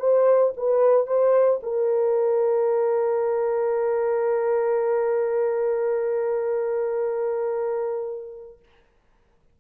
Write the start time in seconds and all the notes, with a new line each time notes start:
0.00 C5
0.57 B4
1.07 C5
1.63 A#4